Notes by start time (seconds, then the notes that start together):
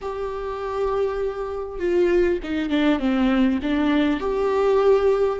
0.01 G4
1.79 F4
2.43 D#4
2.69 D4
2.99 C4
3.62 D4
4.20 G4